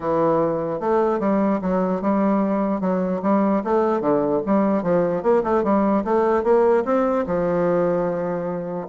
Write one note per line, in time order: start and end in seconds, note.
0.00 0.80 E3
0.80 1.19 A3
1.19 1.60 G3
1.61 2.01 F#3
2.01 2.80 G3
2.80 3.21 F#3
3.22 3.62 G3
3.64 4.00 A3
4.00 4.41 D3
4.46 4.82 G3
4.82 5.22 F3
5.22 5.43 A#3
5.43 5.63 A3
5.63 6.03 G3
6.04 6.43 A3
6.43 6.84 A#3
6.85 7.25 C4
7.26 8.87 F3